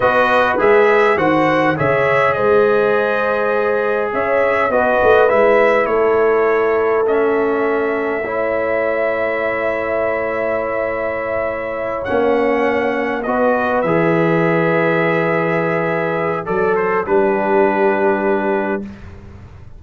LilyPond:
<<
  \new Staff \with { instrumentName = "trumpet" } { \time 4/4 \tempo 4 = 102 dis''4 e''4 fis''4 e''4 | dis''2. e''4 | dis''4 e''4 cis''2 | e''1~ |
e''1~ | e''8 fis''2 dis''4 e''8~ | e''1 | d''8 c''8 b'2. | }
  \new Staff \with { instrumentName = "horn" } { \time 4/4 b'2 c''4 cis''4 | c''2. cis''4 | b'2 a'2~ | a'2 cis''2~ |
cis''1~ | cis''2~ cis''8 b'4.~ | b'1 | a'4 g'2. | }
  \new Staff \with { instrumentName = "trombone" } { \time 4/4 fis'4 gis'4 fis'4 gis'4~ | gis'1 | fis'4 e'2. | cis'2 e'2~ |
e'1~ | e'8 cis'2 fis'4 gis'8~ | gis'1 | a'4 d'2. | }
  \new Staff \with { instrumentName = "tuba" } { \time 4/4 b4 gis4 dis4 cis4 | gis2. cis'4 | b8 a8 gis4 a2~ | a1~ |
a1~ | a8 ais2 b4 e8~ | e1 | fis4 g2. | }
>>